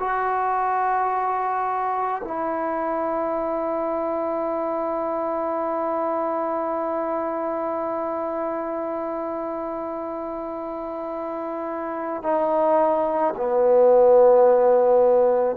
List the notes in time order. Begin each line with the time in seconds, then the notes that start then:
0.00 F#4
2.25 E4
12.23 D#4
13.37 B3